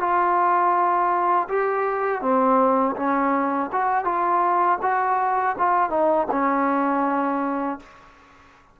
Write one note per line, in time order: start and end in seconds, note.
0.00 1.48 F4
1.48 2.22 G4
2.22 2.96 C4
2.96 3.70 C#4
3.72 4.04 F#4
4.04 4.78 F4
4.81 5.56 F#4
5.58 5.90 F4
5.90 6.27 D#4
6.31 7.79 C#4